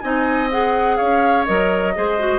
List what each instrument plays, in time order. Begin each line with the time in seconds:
0.00 bassoon C4, clarinet D#4, oboe D#5, flute G#5
0.51 clarinet G#4, flute F#5
0.96 bassoon C#4, oboe C#5, flute F5
1.45 bassoon F#3, clarinet A#4, flute D#5
1.95 bassoon G#3, clarinet G#4, oboe C5
2.19 clarinet F#4